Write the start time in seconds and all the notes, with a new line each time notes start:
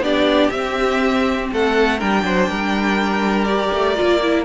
0.00 B3 D4 G4 D5
0.51 C4 E5
1.53 A3 A4 F#5
1.98 G3 D4 A#4 G5
2.24 F#3 C5
2.49 G3 A#4
3.45 G4 D5
3.73 A3
3.96 A#3 F4
4.23 E4